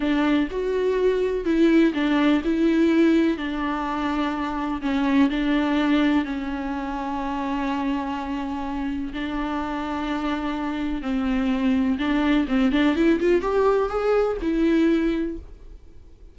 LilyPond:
\new Staff \with { instrumentName = "viola" } { \time 4/4 \tempo 4 = 125 d'4 fis'2 e'4 | d'4 e'2 d'4~ | d'2 cis'4 d'4~ | d'4 cis'2.~ |
cis'2. d'4~ | d'2. c'4~ | c'4 d'4 c'8 d'8 e'8 f'8 | g'4 gis'4 e'2 | }